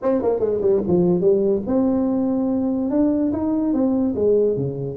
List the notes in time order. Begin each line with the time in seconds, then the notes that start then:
0.02 C4
0.22 A#3
0.39 G#3
0.61 G3
0.87 F3
1.20 G3
1.66 C4
2.90 D4
3.32 D#4
3.73 C4
4.15 G#3
4.56 C#3